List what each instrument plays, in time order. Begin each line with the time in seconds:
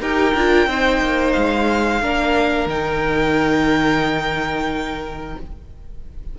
0.00 cello D#4, viola G4, violin A#4 G5
0.35 cello D4, viola F4
0.66 cello C4, viola D#4, violin C5
1.01 cello A#3
1.32 cello G#3, violin F5
2.02 cello A#3, viola D4, violin A#4
2.66 cello D#3, viola D#4, violin G5